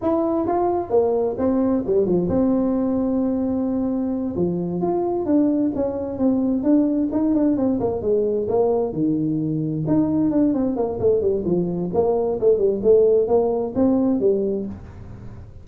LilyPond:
\new Staff \with { instrumentName = "tuba" } { \time 4/4 \tempo 4 = 131 e'4 f'4 ais4 c'4 | g8 f8 c'2.~ | c'4. f4 f'4 d'8~ | d'8 cis'4 c'4 d'4 dis'8 |
d'8 c'8 ais8 gis4 ais4 dis8~ | dis4. dis'4 d'8 c'8 ais8 | a8 g8 f4 ais4 a8 g8 | a4 ais4 c'4 g4 | }